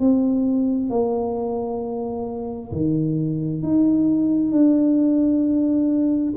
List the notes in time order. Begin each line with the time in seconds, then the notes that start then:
0.00 C4
0.90 A#3
2.72 D#3
3.63 D#4
4.52 D4